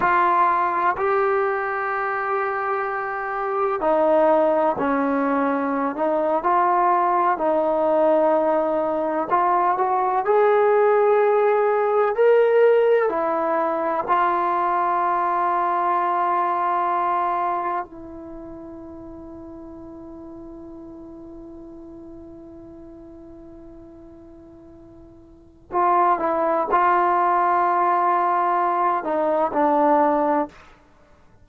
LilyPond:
\new Staff \with { instrumentName = "trombone" } { \time 4/4 \tempo 4 = 63 f'4 g'2. | dis'4 cis'4~ cis'16 dis'8 f'4 dis'16~ | dis'4.~ dis'16 f'8 fis'8 gis'4~ gis'16~ | gis'8. ais'4 e'4 f'4~ f'16~ |
f'2~ f'8. e'4~ e'16~ | e'1~ | e'2. f'8 e'8 | f'2~ f'8 dis'8 d'4 | }